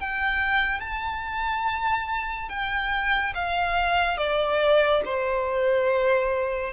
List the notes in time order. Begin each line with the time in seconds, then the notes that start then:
0.00 G5
0.80 A5
2.49 G5
3.35 F5
4.18 D5
5.05 C5